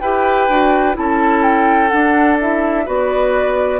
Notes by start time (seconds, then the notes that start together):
0.00 E4 G4 B4 G5
0.48 D4 F#4
0.94 C#4 E4 A4 A5
1.43 G5
1.89 D4 F#5
2.40 E4 E5
2.85 B3 F#4 B4 D5